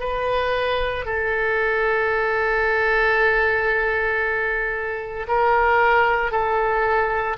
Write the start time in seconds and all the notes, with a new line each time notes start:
0.00 B4
1.06 A4
5.28 A#4
6.32 A4